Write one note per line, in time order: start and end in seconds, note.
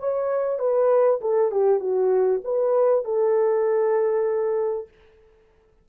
0.00 0.59 C#5
0.59 1.21 B4
1.21 1.52 A4
1.52 1.80 G4
1.80 2.42 F#4
2.45 3.05 B4
3.05 4.89 A4